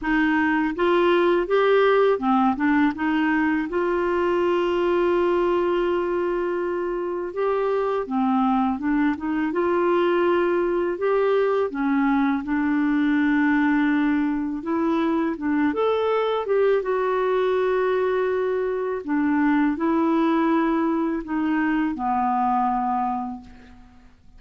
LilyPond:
\new Staff \with { instrumentName = "clarinet" } { \time 4/4 \tempo 4 = 82 dis'4 f'4 g'4 c'8 d'8 | dis'4 f'2.~ | f'2 g'4 c'4 | d'8 dis'8 f'2 g'4 |
cis'4 d'2. | e'4 d'8 a'4 g'8 fis'4~ | fis'2 d'4 e'4~ | e'4 dis'4 b2 | }